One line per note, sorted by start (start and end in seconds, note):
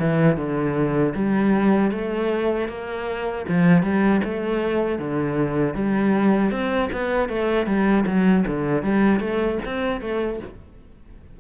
0.00 0.37 E3
0.37 1.14 D3
1.15 1.92 G3
1.92 2.69 A3
2.69 3.46 A#3
3.49 3.83 F3
3.83 4.22 G3
4.24 4.99 A3
4.99 5.75 D3
5.75 6.52 G3
6.52 6.90 C4
6.93 7.29 B3
7.29 7.67 A3
7.67 8.06 G3
8.07 8.45 F#3
8.48 8.83 D3
8.83 9.20 G3
9.20 9.59 A3
9.65 10.02 C4
10.02 10.40 A3